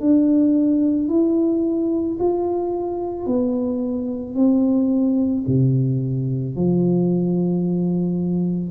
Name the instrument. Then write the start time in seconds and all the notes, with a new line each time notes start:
tuba
0.00 D4
1.09 E4
2.19 F4
3.26 B3
4.35 C4
5.47 C3
6.56 F3